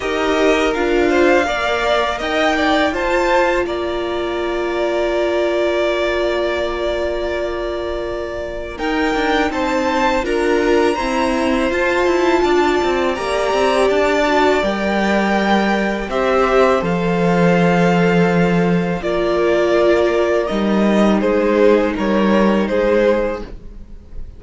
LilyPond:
<<
  \new Staff \with { instrumentName = "violin" } { \time 4/4 \tempo 4 = 82 dis''4 f''2 g''4 | a''4 ais''2.~ | ais''1 | g''4 a''4 ais''2 |
a''2 ais''4 a''4 | g''2 e''4 f''4~ | f''2 d''2 | dis''4 c''4 cis''4 c''4 | }
  \new Staff \with { instrumentName = "violin" } { \time 4/4 ais'4. c''8 d''4 dis''8 d''8 | c''4 d''2.~ | d''1 | ais'4 c''4 ais'4 c''4~ |
c''4 d''2.~ | d''2 c''2~ | c''2 ais'2~ | ais'4 gis'4 ais'4 gis'4 | }
  \new Staff \with { instrumentName = "viola" } { \time 4/4 g'4 f'4 ais'2 | f'1~ | f'1 | dis'2 f'4 c'4 |
f'2 g'4. fis'8 | ais'2 g'4 a'4~ | a'2 f'2 | dis'1 | }
  \new Staff \with { instrumentName = "cello" } { \time 4/4 dis'4 d'4 ais4 dis'4 | f'4 ais2.~ | ais1 | dis'8 d'8 c'4 d'4 e'4 |
f'8 e'8 d'8 c'8 ais8 c'8 d'4 | g2 c'4 f4~ | f2 ais2 | g4 gis4 g4 gis4 | }
>>